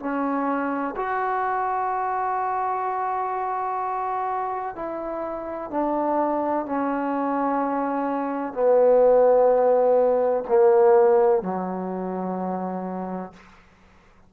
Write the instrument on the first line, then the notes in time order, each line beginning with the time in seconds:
trombone
0.00 C#4
0.97 F#4
4.76 E4
5.71 D4
6.66 C#4
8.54 B3
10.48 A#3
11.43 F#3